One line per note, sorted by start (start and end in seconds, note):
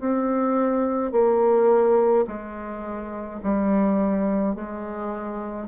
0.00 1.12 C4
1.12 2.25 A#3
2.27 3.41 G#3
3.43 4.55 G3
4.55 5.68 G#3